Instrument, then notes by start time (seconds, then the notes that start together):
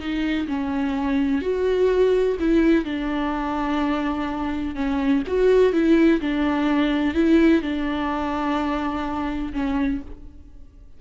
viola
0.00 D#4
0.48 C#4
1.42 F#4
2.40 E4
2.85 D4
4.75 C#4
5.28 F#4
5.73 E4
6.21 D4
7.15 E4
7.62 D4
9.53 C#4